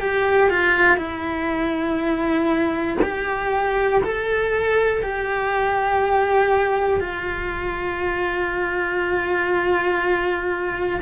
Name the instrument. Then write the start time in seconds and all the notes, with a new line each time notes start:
cello
0.00 G4
0.50 F4
0.97 E4
3.02 G4
4.03 A4
5.02 G4
7.00 F4